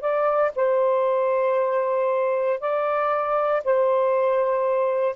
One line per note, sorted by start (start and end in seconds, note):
0.00 0.51 D5
0.55 2.60 C5
2.60 3.62 D5
3.64 5.15 C5